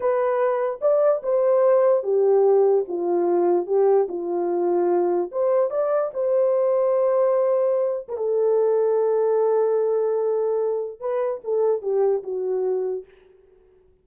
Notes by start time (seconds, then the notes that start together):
0.00 B4
0.81 D5
1.22 C5
2.03 G4
2.88 F4
3.66 G4
4.08 F4
5.31 C5
5.70 D5
6.13 C5
8.08 A#4
8.17 A4
11.00 B4
11.44 A4
11.82 G4
12.23 F#4